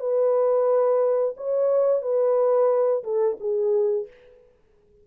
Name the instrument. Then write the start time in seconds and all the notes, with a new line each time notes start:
horn
0.00 B4
1.37 C#5
2.02 B4
3.04 A4
3.40 G#4